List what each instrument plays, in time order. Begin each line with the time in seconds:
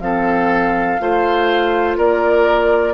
0.00 bassoon F3, clarinet C4, oboe A4, flute F5
0.99 bassoon A3, clarinet F4, oboe C5
1.97 bassoon A#3, oboe A#4, flute D5